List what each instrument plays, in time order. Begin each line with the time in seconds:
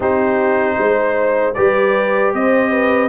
0.00 tuba C4, trombone D#4, horn G4, trumpet C5
0.78 tuba G#3, horn C5
1.54 tuba G3, trombone G4, horn B4, trumpet D5
2.33 tuba C4, horn C5, trumpet D#5
2.71 horn B4